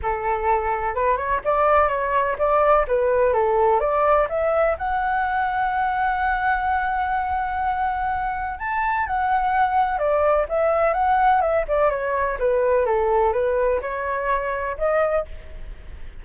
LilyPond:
\new Staff \with { instrumentName = "flute" } { \time 4/4 \tempo 4 = 126 a'2 b'8 cis''8 d''4 | cis''4 d''4 b'4 a'4 | d''4 e''4 fis''2~ | fis''1~ |
fis''2 a''4 fis''4~ | fis''4 d''4 e''4 fis''4 | e''8 d''8 cis''4 b'4 a'4 | b'4 cis''2 dis''4 | }